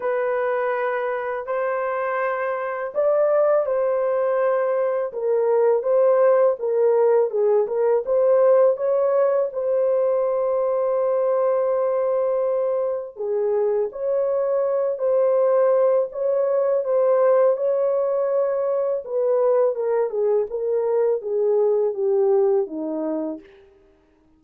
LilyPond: \new Staff \with { instrumentName = "horn" } { \time 4/4 \tempo 4 = 82 b'2 c''2 | d''4 c''2 ais'4 | c''4 ais'4 gis'8 ais'8 c''4 | cis''4 c''2.~ |
c''2 gis'4 cis''4~ | cis''8 c''4. cis''4 c''4 | cis''2 b'4 ais'8 gis'8 | ais'4 gis'4 g'4 dis'4 | }